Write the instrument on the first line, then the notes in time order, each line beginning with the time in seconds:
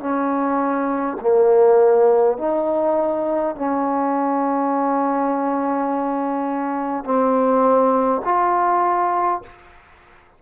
trombone
0.00 C#4
1.21 A#3
2.38 D#4
3.56 C#4
7.04 C4
8.25 F4